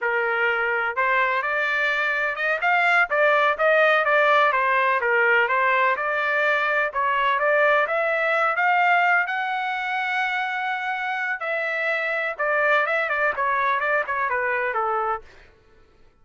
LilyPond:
\new Staff \with { instrumentName = "trumpet" } { \time 4/4 \tempo 4 = 126 ais'2 c''4 d''4~ | d''4 dis''8 f''4 d''4 dis''8~ | dis''8 d''4 c''4 ais'4 c''8~ | c''8 d''2 cis''4 d''8~ |
d''8 e''4. f''4. fis''8~ | fis''1 | e''2 d''4 e''8 d''8 | cis''4 d''8 cis''8 b'4 a'4 | }